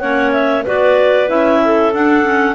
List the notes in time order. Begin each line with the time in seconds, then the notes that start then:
0.00 A#3 C#4 C#5 F#5
0.32 E5
0.64 B3 F#4 B4 D5
1.28 C#4 E4 E5
1.64 A4
1.93 D4 F#5
2.23 C#4